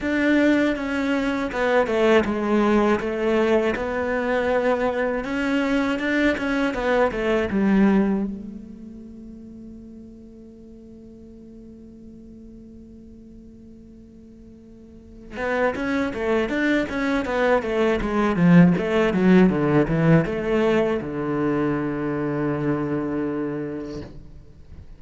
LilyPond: \new Staff \with { instrumentName = "cello" } { \time 4/4 \tempo 4 = 80 d'4 cis'4 b8 a8 gis4 | a4 b2 cis'4 | d'8 cis'8 b8 a8 g4 a4~ | a1~ |
a1~ | a8 b8 cis'8 a8 d'8 cis'8 b8 a8 | gis8 f8 a8 fis8 d8 e8 a4 | d1 | }